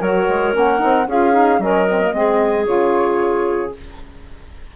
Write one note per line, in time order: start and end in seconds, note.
0.00 0.27 F#3
0.00 0.53 F#4
0.00 1.06 A#4
0.00 0.55 C#5
0.28 0.55 G#3
0.53 0.82 A#3
0.53 0.78 C#4
0.53 1.09 F#5
0.78 1.07 C4
0.78 1.04 D#4
1.07 1.58 C#4
1.07 1.32 F4
1.07 1.61 G#4
1.07 1.61 F5
1.32 1.59 D#4
1.58 2.11 F#3
1.58 1.87 C#4
1.58 2.15 A#4
1.58 2.66 D#5
1.89 2.01 C4
2.01 2.13 A#3
2.13 2.66 G#3
2.13 2.65 C4
2.13 3.76 G#4
2.65 3.72 C#3
2.65 3.71 F4
2.65 3.72 C#5